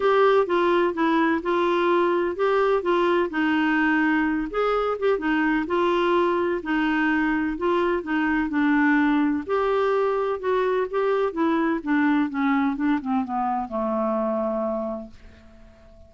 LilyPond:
\new Staff \with { instrumentName = "clarinet" } { \time 4/4 \tempo 4 = 127 g'4 f'4 e'4 f'4~ | f'4 g'4 f'4 dis'4~ | dis'4. gis'4 g'8 dis'4 | f'2 dis'2 |
f'4 dis'4 d'2 | g'2 fis'4 g'4 | e'4 d'4 cis'4 d'8 c'8 | b4 a2. | }